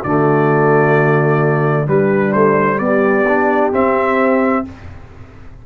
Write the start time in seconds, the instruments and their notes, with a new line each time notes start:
0.00 tuba D3, trombone A3, horn F#4, trumpet D5
1.86 trombone G3, tuba G3, horn D4, trumpet B4
2.32 tuba A3, trumpet C5
2.78 tuba B3, horn G4, trumpet D5
3.28 trombone D4
3.72 tuba C4, trombone C4, trumpet E5